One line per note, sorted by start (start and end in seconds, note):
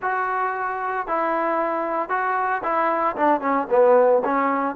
0.01 1.07 F#4
1.07 2.09 E4
2.09 2.61 F#4
2.63 3.16 E4
3.16 3.41 D4
3.41 3.67 C#4
3.70 4.22 B3
4.24 4.75 C#4